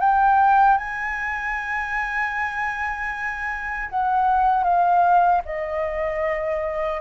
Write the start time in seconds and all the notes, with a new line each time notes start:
0.00 G5
0.78 G#5
3.90 F#5
4.64 F5
5.45 D#5